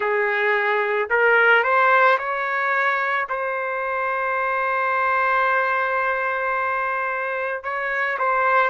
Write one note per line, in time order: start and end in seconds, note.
0.00 1.09 G#4
1.10 1.63 A#4
1.63 2.18 C5
2.18 3.27 C#5
3.29 7.63 C5
7.63 8.18 C#5
8.18 8.70 C5